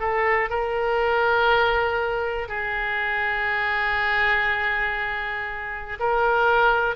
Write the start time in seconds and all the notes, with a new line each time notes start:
0.00 A4
0.50 A#4
2.49 G#4
6.00 A#4